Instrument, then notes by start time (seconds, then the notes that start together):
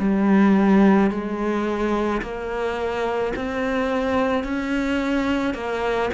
cello
0.00 G3
1.11 G#3
2.22 A#3
3.36 C4
4.44 C#4
5.55 A#3